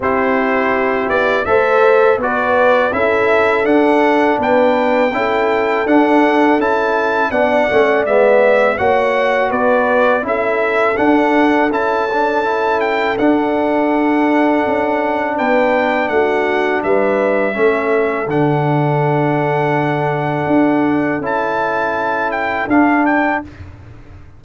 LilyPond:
<<
  \new Staff \with { instrumentName = "trumpet" } { \time 4/4 \tempo 4 = 82 c''4. d''8 e''4 d''4 | e''4 fis''4 g''2 | fis''4 a''4 fis''4 e''4 | fis''4 d''4 e''4 fis''4 |
a''4. g''8 fis''2~ | fis''4 g''4 fis''4 e''4~ | e''4 fis''2.~ | fis''4 a''4. g''8 f''8 g''8 | }
  \new Staff \with { instrumentName = "horn" } { \time 4/4 g'2 c''4 b'4 | a'2 b'4 a'4~ | a'2 d''2 | cis''4 b'4 a'2~ |
a'1~ | a'4 b'4 fis'4 b'4 | a'1~ | a'1 | }
  \new Staff \with { instrumentName = "trombone" } { \time 4/4 e'2 a'4 fis'4 | e'4 d'2 e'4 | d'4 e'4 d'8 cis'8 b4 | fis'2 e'4 d'4 |
e'8 d'8 e'4 d'2~ | d'1 | cis'4 d'2.~ | d'4 e'2 d'4 | }
  \new Staff \with { instrumentName = "tuba" } { \time 4/4 c'4. b8 a4 b4 | cis'4 d'4 b4 cis'4 | d'4 cis'4 b8 a8 gis4 | ais4 b4 cis'4 d'4 |
cis'2 d'2 | cis'4 b4 a4 g4 | a4 d2. | d'4 cis'2 d'4 | }
>>